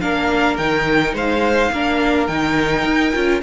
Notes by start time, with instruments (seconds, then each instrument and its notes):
0.00 cello A#3, viola D4, violin A#4 F5
0.57 cello D#3, viola D#4, violin G5
1.13 cello G#3, violin C5 F5
1.71 cello A#3, viola D4, violin A#4
2.27 cello D#3, viola D#4, violin G5
2.84 cello D#4
3.14 cello C#4, viola F4